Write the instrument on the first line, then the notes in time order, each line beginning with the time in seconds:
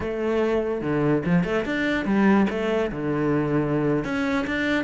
cello
0.00 A3
0.81 D3
1.25 F3
1.44 A3
1.65 D4
2.05 G3
2.49 A3
2.91 D3
4.04 C#4
4.47 D4